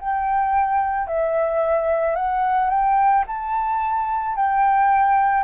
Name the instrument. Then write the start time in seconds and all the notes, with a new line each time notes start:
flute
0.00 G5
1.08 E5
2.16 F#5
2.70 G5
3.27 A5
4.36 G5